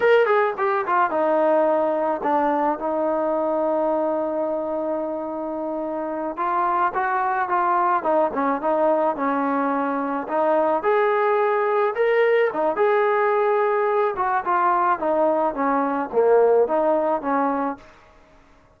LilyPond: \new Staff \with { instrumentName = "trombone" } { \time 4/4 \tempo 4 = 108 ais'8 gis'8 g'8 f'8 dis'2 | d'4 dis'2.~ | dis'2.~ dis'8 f'8~ | f'8 fis'4 f'4 dis'8 cis'8 dis'8~ |
dis'8 cis'2 dis'4 gis'8~ | gis'4. ais'4 dis'8 gis'4~ | gis'4. fis'8 f'4 dis'4 | cis'4 ais4 dis'4 cis'4 | }